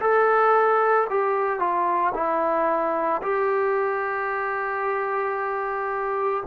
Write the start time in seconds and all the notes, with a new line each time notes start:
0.00 A4
1.10 G4
1.60 F4
2.14 E4
3.22 G4